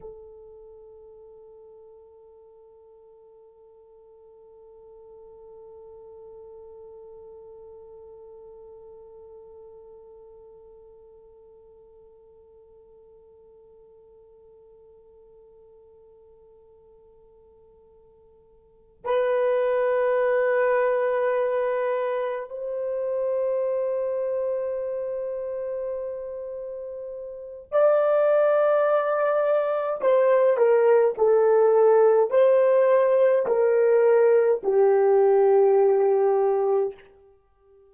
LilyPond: \new Staff \with { instrumentName = "horn" } { \time 4/4 \tempo 4 = 52 a'1~ | a'1~ | a'1~ | a'1~ |
a'8 b'2. c''8~ | c''1 | d''2 c''8 ais'8 a'4 | c''4 ais'4 g'2 | }